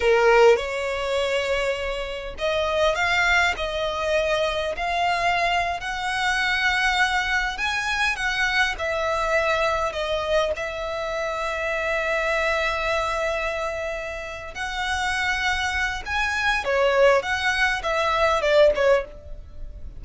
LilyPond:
\new Staff \with { instrumentName = "violin" } { \time 4/4 \tempo 4 = 101 ais'4 cis''2. | dis''4 f''4 dis''2 | f''4.~ f''16 fis''2~ fis''16~ | fis''8. gis''4 fis''4 e''4~ e''16~ |
e''8. dis''4 e''2~ e''16~ | e''1~ | e''8 fis''2~ fis''8 gis''4 | cis''4 fis''4 e''4 d''8 cis''8 | }